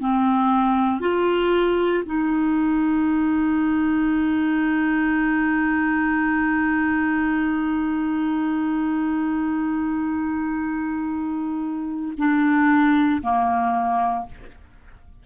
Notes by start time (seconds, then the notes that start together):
0.00 C4
1.00 F4
2.05 D#4
12.18 D4
13.22 A#3